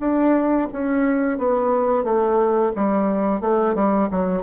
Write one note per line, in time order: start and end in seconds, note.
0.00 0.68 D4
0.73 1.39 C#4
1.39 2.04 B3
2.04 2.72 A3
2.76 3.41 G3
3.41 3.75 A3
3.75 4.09 G3
4.11 4.43 F#3